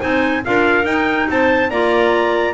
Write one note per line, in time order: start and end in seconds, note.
0.00 0.46 C4
0.00 0.42 D#4
0.00 0.43 C5
0.00 0.44 G#5
0.45 0.85 D4
0.45 0.84 F4
0.45 1.29 A#4
0.45 0.86 F5
0.84 1.69 D#4
0.84 1.27 D#4
0.84 1.28 G5
1.29 1.71 C4
1.29 1.70 C5
1.29 1.70 A5
1.70 2.54 A#3
1.70 2.54 F4
1.70 2.54 D5
1.70 2.54 A#5